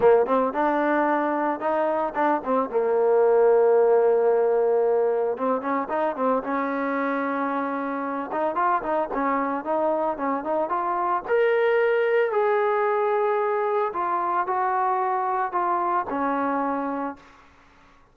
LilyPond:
\new Staff \with { instrumentName = "trombone" } { \time 4/4 \tempo 4 = 112 ais8 c'8 d'2 dis'4 | d'8 c'8 ais2.~ | ais2 c'8 cis'8 dis'8 c'8 | cis'2.~ cis'8 dis'8 |
f'8 dis'8 cis'4 dis'4 cis'8 dis'8 | f'4 ais'2 gis'4~ | gis'2 f'4 fis'4~ | fis'4 f'4 cis'2 | }